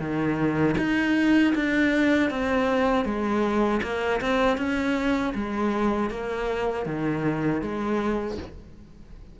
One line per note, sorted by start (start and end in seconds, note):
0.00 0.76 D#3
0.78 1.54 D#4
1.56 2.31 D4
2.31 3.06 C4
3.06 3.81 G#3
3.83 4.21 A#3
4.22 4.58 C4
4.58 5.34 C#4
5.35 6.11 G#3
6.11 6.86 A#3
6.86 7.62 D#3
7.62 8.38 G#3